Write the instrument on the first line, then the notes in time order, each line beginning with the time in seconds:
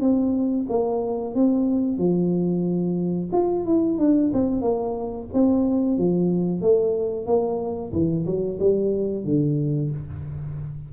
tuba
0.00 C4
0.69 A#3
1.35 C4
1.98 F3
3.32 F4
3.65 E4
3.98 D4
4.33 C4
4.61 A#3
5.33 C4
5.98 F3
6.61 A3
7.26 A#3
7.92 E3
8.25 F#3
8.59 G3
9.24 D3